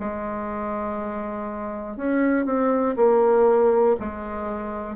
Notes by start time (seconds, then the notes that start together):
0.00 G#3
1.97 C#4
2.45 C4
2.96 A#3
4.00 G#3